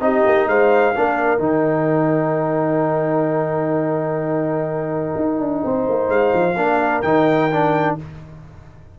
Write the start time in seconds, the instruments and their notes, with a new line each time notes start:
0.00 tuba C4, trombone D#4, horn G4, trumpet D#5
0.26 tuba A#3
0.47 tuba G#3, horn C5, trumpet F5
0.95 tuba A#3, trombone D4, horn A#4
1.39 tuba D#3, trombone D#4, trumpet G5
5.16 tuba D#4
5.39 tuba D4
5.64 tuba C4, horn C5
5.89 tuba A#3
6.09 tuba G#3, trumpet F5
6.33 tuba F3
6.56 tuba A#3, trombone D4, horn A#4
7.02 tuba D#3, trombone D#4, trumpet G5
7.52 trombone D4